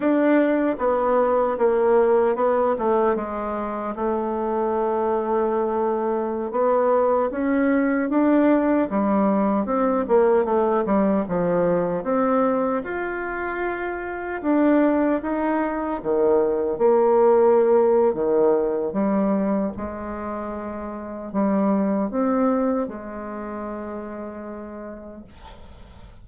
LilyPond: \new Staff \with { instrumentName = "bassoon" } { \time 4/4 \tempo 4 = 76 d'4 b4 ais4 b8 a8 | gis4 a2.~ | a16 b4 cis'4 d'4 g8.~ | g16 c'8 ais8 a8 g8 f4 c'8.~ |
c'16 f'2 d'4 dis'8.~ | dis'16 dis4 ais4.~ ais16 dis4 | g4 gis2 g4 | c'4 gis2. | }